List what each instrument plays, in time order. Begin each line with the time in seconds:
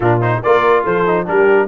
0.00 tuba A#2, trombone D4, horn F4, trumpet A#4
0.21 trombone D#4, trumpet C5
0.42 tuba A#3, trombone F4, horn A#4, trumpet D5
0.83 tuba F3, horn A4, trumpet C5
1.05 trombone D#4
1.26 tuba G3, trombone D4, horn G4, trumpet A#4